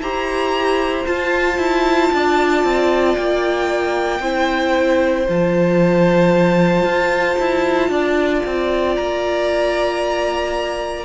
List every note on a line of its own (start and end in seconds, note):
0.00 1.05 E4
0.00 1.05 G4
0.00 2.12 C5
0.00 1.06 A#5
1.05 4.21 F4
1.05 1.57 F4
1.05 3.15 A5
1.57 2.10 E4
2.13 2.63 D4
2.13 4.21 D5
2.63 3.16 C4
3.15 4.19 A#3
3.15 5.26 G5
4.19 5.24 C4
4.19 5.27 E4
4.19 7.90 C5
5.27 6.83 F3
5.27 11.04 F4
5.27 8.95 A5
6.83 7.36 F4
7.39 7.89 E4
7.89 8.41 D4
7.89 11.04 D5
8.45 8.98 C4
8.95 11.04 A#3
8.95 11.04 A#5